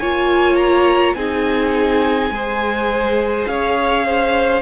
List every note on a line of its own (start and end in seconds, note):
0.00 1.16 A#3
0.00 1.17 F4
0.00 1.16 C#5
0.00 0.56 G#5
0.56 1.14 A#5
1.14 2.31 C4
1.14 2.32 D#4
1.14 2.32 G#4
1.14 3.45 G#5
2.31 3.46 G#3
2.31 4.62 G#4
2.31 3.50 C5
3.47 4.62 C#4
3.47 4.06 C#5
3.47 4.62 F5
4.06 4.62 C5